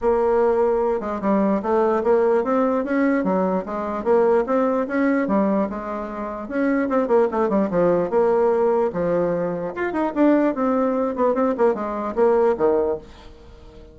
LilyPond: \new Staff \with { instrumentName = "bassoon" } { \time 4/4 \tempo 4 = 148 ais2~ ais8 gis8 g4 | a4 ais4 c'4 cis'4 | fis4 gis4 ais4 c'4 | cis'4 g4 gis2 |
cis'4 c'8 ais8 a8 g8 f4 | ais2 f2 | f'8 dis'8 d'4 c'4. b8 | c'8 ais8 gis4 ais4 dis4 | }